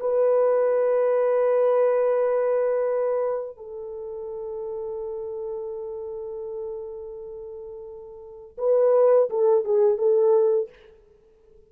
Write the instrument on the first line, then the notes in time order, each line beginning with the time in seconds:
horn
0.00 B4
3.57 A4
8.58 B4
9.30 A4
9.65 G#4
9.98 A4